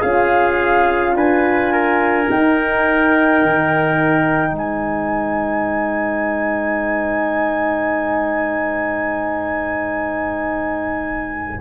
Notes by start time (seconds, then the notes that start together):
0.00 C#4 F4 G#4 F5
1.15 D4 B4 G#5
1.72 A#4
2.28 D#4 G5
3.42 D#3
4.51 G#3 C5
4.58 G#5